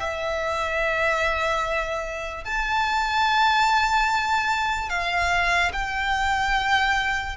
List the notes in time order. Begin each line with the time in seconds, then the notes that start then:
0.00 E5
2.45 A5
4.90 F5
5.73 G5